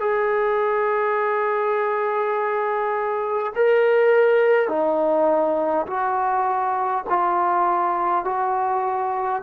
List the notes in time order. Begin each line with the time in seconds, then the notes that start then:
0.00 G#4
3.56 A#4
4.68 D#4
5.87 F#4
7.09 F4
8.25 F#4